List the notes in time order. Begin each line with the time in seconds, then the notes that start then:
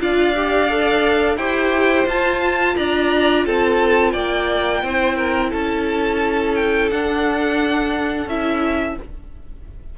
0.00 D4 F4 D5 F5
0.35 G4
0.70 A4
1.37 E4 G4 C5 G5
2.06 F4 A5
2.77 D4 D5 A#5
3.46 C4 A4 A5
4.12 A#3 D5 G5
4.83 C4 E4 C5
5.17 A#4
5.51 C#4 A4 A5
6.55 G5
6.91 D4 F#5
8.26 C#4 E4 E5